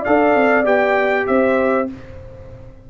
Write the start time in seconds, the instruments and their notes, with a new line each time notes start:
0.00 trombone A4, horn D5, trumpet F5
0.07 tuba D4
0.35 tuba C4
0.64 tuba B3, trombone G4, trumpet G5
1.27 tuba C4, horn C5, trumpet E5